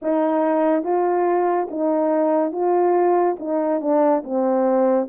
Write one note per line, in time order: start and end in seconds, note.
0.02 0.83 D#4
0.83 1.68 F4
1.70 2.52 D#4
2.52 3.36 F4
3.39 3.80 D#4
3.80 4.23 D4
4.23 5.08 C4